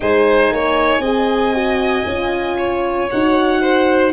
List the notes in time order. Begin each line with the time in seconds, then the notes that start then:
0.00 G#3 D#4 C5 G#5
0.51 A#3 C#5
0.99 C4 G#4 D#5
1.54 F#4
2.05 C#4 F4
2.58 C#5
3.11 D#4 F#4 F#5
3.61 C5